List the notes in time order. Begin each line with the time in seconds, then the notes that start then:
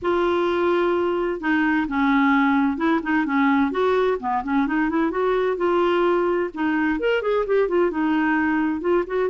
0.02 F4
1.40 D#4
1.88 C#4
2.77 E4
3.02 D#4
3.25 C#4
3.71 F#4
4.19 B3
4.43 C#4
4.66 D#4
4.89 E4
5.10 F#4
5.56 F4
6.53 D#4
6.99 A#4
7.22 G#4
7.46 G4
7.68 F4
7.90 D#4
8.80 F4
9.07 F#4